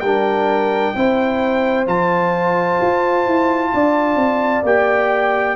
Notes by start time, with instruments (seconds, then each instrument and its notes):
0.00 tuba G3, trombone D4, horn A#4, trumpet G5
0.95 tuba C4, trombone E4, horn C5
1.86 tuba F3, trombone F4, trumpet A5
2.81 tuba F4
3.26 tuba E4
3.73 tuba D4, horn D5
4.16 tuba C4
4.63 tuba A#3, trombone G4, trumpet G5